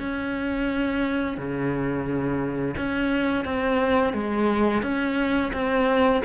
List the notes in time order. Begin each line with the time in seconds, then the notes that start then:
0.00 C#4
1.38 C#3
2.77 C#4
3.45 C4
4.13 G#3
4.83 C#4
5.53 C4